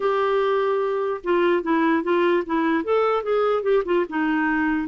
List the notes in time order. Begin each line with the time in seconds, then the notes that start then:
0.00 G4
1.23 F4
1.62 E4
2.03 F4
2.46 E4
2.84 A4
3.23 G#4
3.62 G4
3.85 F4
4.09 D#4